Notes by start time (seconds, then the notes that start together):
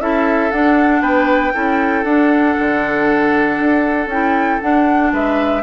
0.00 C#4 E4 A4 E5
0.51 D4 F#5
1.02 B3 B4 G5
1.54 C#4 E4 A4
2.04 D4 F#5
2.59 D3
3.59 D4
4.07 C#4 E4 G5
4.61 D4 F#5
5.13 G#3 B4 E5